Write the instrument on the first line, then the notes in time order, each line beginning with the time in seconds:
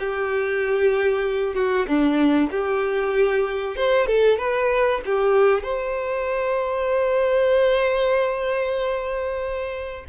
violin
0.00 G4
1.55 F#4
1.88 D4
2.51 G4
3.77 C5
4.07 A4
4.38 B4
5.06 G4
5.64 C5